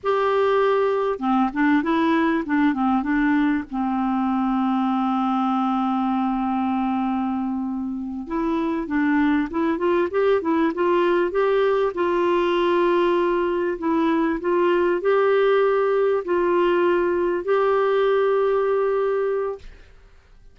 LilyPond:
\new Staff \with { instrumentName = "clarinet" } { \time 4/4 \tempo 4 = 98 g'2 c'8 d'8 e'4 | d'8 c'8 d'4 c'2~ | c'1~ | c'4. e'4 d'4 e'8 |
f'8 g'8 e'8 f'4 g'4 f'8~ | f'2~ f'8 e'4 f'8~ | f'8 g'2 f'4.~ | f'8 g'2.~ g'8 | }